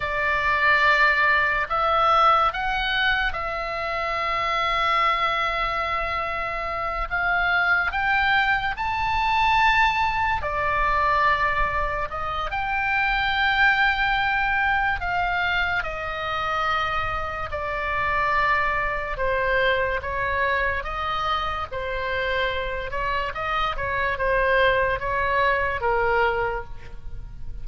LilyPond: \new Staff \with { instrumentName = "oboe" } { \time 4/4 \tempo 4 = 72 d''2 e''4 fis''4 | e''1~ | e''8 f''4 g''4 a''4.~ | a''8 d''2 dis''8 g''4~ |
g''2 f''4 dis''4~ | dis''4 d''2 c''4 | cis''4 dis''4 c''4. cis''8 | dis''8 cis''8 c''4 cis''4 ais'4 | }